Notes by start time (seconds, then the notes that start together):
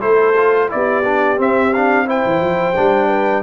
0.00 A3 E4 A4 C5
0.36 F4
0.69 B3 E4 G4 D5
1.04 D4
1.37 C4 E5
1.74 D4 F5
2.06 E4 C5 G5
2.26 E3
2.41 F3
2.76 G3 D4
3.08 B4